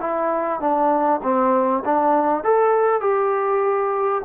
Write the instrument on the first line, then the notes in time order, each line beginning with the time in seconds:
trombone
0.00 E4
0.60 D4
1.23 C4
1.85 D4
2.43 A4
3.01 G4